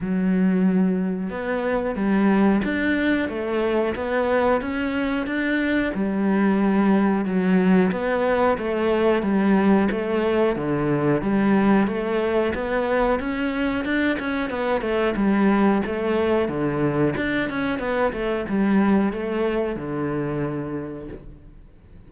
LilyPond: \new Staff \with { instrumentName = "cello" } { \time 4/4 \tempo 4 = 91 fis2 b4 g4 | d'4 a4 b4 cis'4 | d'4 g2 fis4 | b4 a4 g4 a4 |
d4 g4 a4 b4 | cis'4 d'8 cis'8 b8 a8 g4 | a4 d4 d'8 cis'8 b8 a8 | g4 a4 d2 | }